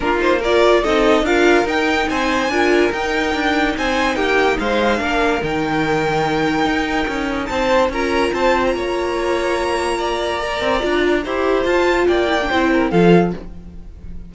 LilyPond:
<<
  \new Staff \with { instrumentName = "violin" } { \time 4/4 \tempo 4 = 144 ais'8 c''8 d''4 dis''4 f''4 | g''4 gis''2 g''4~ | g''4 gis''4 g''4 f''4~ | f''4 g''2.~ |
g''2 a''4 ais''4 | a''8. ais''2.~ ais''16~ | ais''1 | a''4 g''2 f''4 | }
  \new Staff \with { instrumentName = "violin" } { \time 4/4 f'4 ais'4 a'4 ais'4~ | ais'4 c''4 ais'2~ | ais'4 c''4 g'4 c''4 | ais'1~ |
ais'2 c''4 ais'4 | c''4 cis''2. | d''2. c''4~ | c''4 d''4 c''8 ais'8 a'4 | }
  \new Staff \with { instrumentName = "viola" } { \time 4/4 d'8 dis'8 f'4 dis'4 f'4 | dis'2 f'4 dis'4~ | dis'1 | d'4 dis'2.~ |
dis'2. f'4~ | f'1~ | f'4 ais'4 f'4 g'4 | f'4. e'16 d'16 e'4 f'4 | }
  \new Staff \with { instrumentName = "cello" } { \time 4/4 ais2 c'4 d'4 | dis'4 c'4 d'4 dis'4 | d'4 c'4 ais4 gis4 | ais4 dis2. |
dis'4 cis'4 c'4 cis'4 | c'4 ais2.~ | ais4. c'8 d'4 e'4 | f'4 ais4 c'4 f4 | }
>>